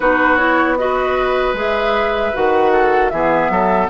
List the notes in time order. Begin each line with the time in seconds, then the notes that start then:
0.00 B3 D#4 F#4 B4
0.36 E4 C#5
0.77 F#4 B4 D#5
1.53 G#3 G#4 E5
2.33 D#3 F#4 F#5
2.72 A4
3.09 E3 B3 G#4 E5
3.49 F#3 A4